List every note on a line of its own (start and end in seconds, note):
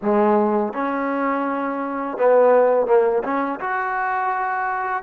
0.02 0.73 G#3
0.73 2.17 C#4
2.17 2.86 B3
2.86 3.22 A#3
3.23 3.59 C#4
3.59 5.03 F#4